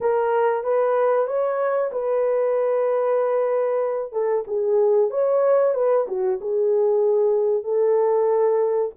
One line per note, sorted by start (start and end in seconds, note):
0.00 0.63 A#4
0.63 1.27 B4
1.27 1.91 C#5
1.91 4.12 B4
4.12 4.44 A4
4.47 5.10 G#4
5.10 5.74 C#5
5.74 6.06 B4
6.07 6.39 F#4
6.40 7.63 G#4
7.63 8.91 A4